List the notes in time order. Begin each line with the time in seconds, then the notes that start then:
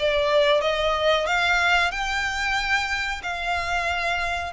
0.00 D5
0.62 D#5
1.27 F5
1.92 G5
3.23 F5